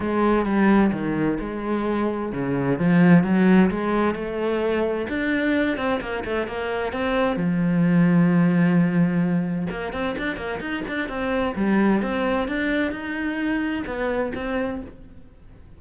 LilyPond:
\new Staff \with { instrumentName = "cello" } { \time 4/4 \tempo 4 = 130 gis4 g4 dis4 gis4~ | gis4 cis4 f4 fis4 | gis4 a2 d'4~ | d'8 c'8 ais8 a8 ais4 c'4 |
f1~ | f4 ais8 c'8 d'8 ais8 dis'8 d'8 | c'4 g4 c'4 d'4 | dis'2 b4 c'4 | }